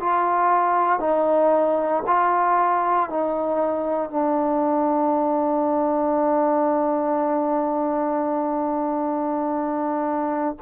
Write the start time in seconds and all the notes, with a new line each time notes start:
0.00 F4
1.00 D#4
2.06 F4
3.09 D#4
4.10 D4